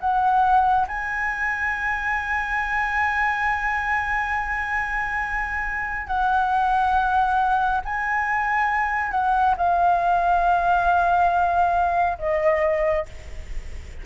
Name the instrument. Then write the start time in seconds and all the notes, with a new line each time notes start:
flute
0.00 F#5
0.88 G#5
6.08 F#5
7.85 G#5
9.11 F#5
9.57 F5
12.19 D#5